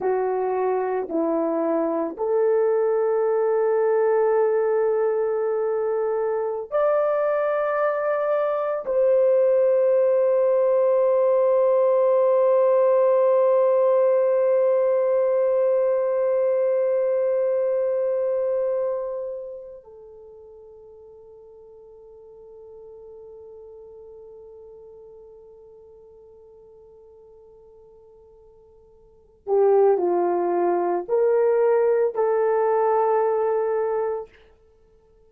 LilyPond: \new Staff \with { instrumentName = "horn" } { \time 4/4 \tempo 4 = 56 fis'4 e'4 a'2~ | a'2~ a'16 d''4.~ d''16~ | d''16 c''2.~ c''8.~ | c''1~ |
c''2~ c''8 a'4.~ | a'1~ | a'2.~ a'8 g'8 | f'4 ais'4 a'2 | }